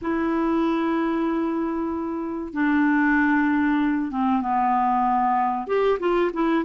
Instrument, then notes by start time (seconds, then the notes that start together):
clarinet
0.01 E4
2.53 D4
4.11 C4
4.41 B3
5.67 G4
5.99 F4
6.33 E4